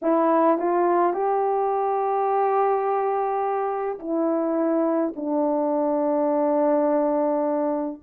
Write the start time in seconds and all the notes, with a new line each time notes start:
0.02 E4
0.57 F4
1.13 G4
3.99 E4
5.16 D4